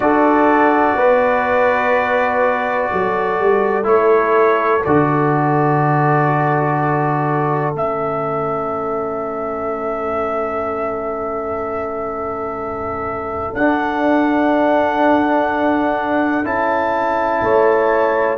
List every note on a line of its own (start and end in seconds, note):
0.00 0.94 D4
0.00 3.83 F#4
0.00 0.97 A4
0.00 3.85 D5
0.94 2.88 B3
0.94 2.91 B4
2.91 3.39 F#3
2.91 17.43 A4
3.39 3.85 G3
3.83 4.82 A3
3.83 4.80 E4
3.83 4.83 C#5
4.84 7.74 D3
4.84 7.74 F#4
4.84 7.74 D5
7.74 13.53 A3
7.74 13.54 C#4
7.74 13.55 E5
13.53 16.43 D4
13.53 16.44 D4
13.53 16.45 F#5
16.44 17.41 C#4
16.44 18.37 E4
16.44 18.38 A5
17.42 18.38 A3
17.42 18.38 C#5